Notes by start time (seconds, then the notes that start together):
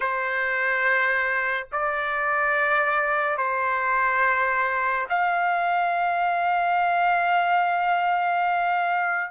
0.00 C5
1.71 D5
3.37 C5
5.09 F5